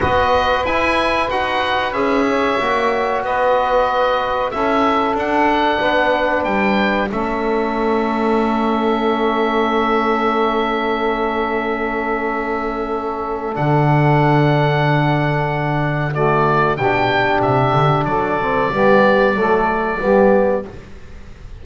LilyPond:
<<
  \new Staff \with { instrumentName = "oboe" } { \time 4/4 \tempo 4 = 93 dis''4 gis''4 fis''4 e''4~ | e''4 dis''2 e''4 | fis''2 g''4 e''4~ | e''1~ |
e''1~ | e''4 fis''2.~ | fis''4 d''4 g''4 e''4 | d''1 | }
  \new Staff \with { instrumentName = "saxophone" } { \time 4/4 b'2.~ b'8 cis''8~ | cis''4 b'2 a'4~ | a'4 b'2 a'4~ | a'1~ |
a'1~ | a'1~ | a'4 fis'4 g'2 | a'4 g'4 a'4 g'4 | }
  \new Staff \with { instrumentName = "trombone" } { \time 4/4 fis'4 e'4 fis'4 gis'4 | fis'2. e'4 | d'2. cis'4~ | cis'1~ |
cis'1~ | cis'4 d'2.~ | d'4 a4 d'2~ | d'8 c'8 b4 a4 b4 | }
  \new Staff \with { instrumentName = "double bass" } { \time 4/4 b4 e'4 dis'4 cis'4 | ais4 b2 cis'4 | d'4 b4 g4 a4~ | a1~ |
a1~ | a4 d2.~ | d2 b,4 c8 d8 | fis4 g4 fis4 g4 | }
>>